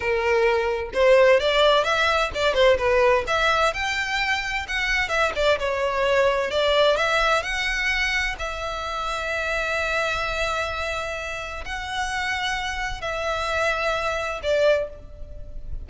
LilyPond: \new Staff \with { instrumentName = "violin" } { \time 4/4 \tempo 4 = 129 ais'2 c''4 d''4 | e''4 d''8 c''8 b'4 e''4 | g''2 fis''4 e''8 d''8 | cis''2 d''4 e''4 |
fis''2 e''2~ | e''1~ | e''4 fis''2. | e''2. d''4 | }